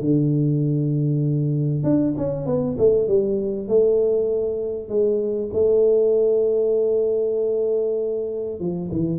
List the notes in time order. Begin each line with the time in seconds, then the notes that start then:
0.00 D3
1.83 D4
2.17 C#4
2.45 B3
2.77 A3
3.07 G3
3.68 A3
4.88 G#3
5.53 A3
8.59 F3
8.91 E3